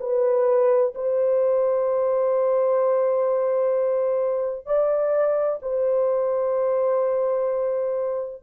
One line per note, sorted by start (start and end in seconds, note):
0.00 0.94 B4
0.95 4.66 C5
4.66 5.60 D5
5.62 8.42 C5